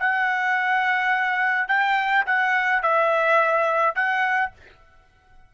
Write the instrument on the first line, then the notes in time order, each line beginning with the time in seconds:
trumpet
0.00 F#5
1.69 G5
2.26 F#5
2.83 E5
3.95 F#5